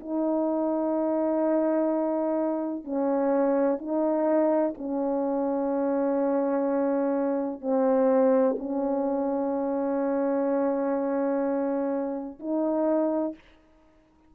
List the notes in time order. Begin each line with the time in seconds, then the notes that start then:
0.00 D#4
2.84 C#4
3.78 D#4
4.77 C#4
7.61 C4
8.58 C#4
12.39 D#4